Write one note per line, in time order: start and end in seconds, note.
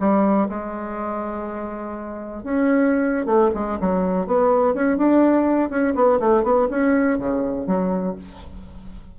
0.00 0.49 G3
0.50 2.44 G#3
2.44 3.26 C#4
3.26 3.51 A3
3.55 3.79 G#3
3.80 4.27 F#3
4.27 4.74 B3
4.74 4.98 C#4
4.98 5.71 D4
5.71 5.95 C#4
5.96 6.20 B3
6.20 6.44 A3
6.44 6.68 B3
6.71 7.19 C#4
7.19 7.67 C#3
7.67 8.16 F#3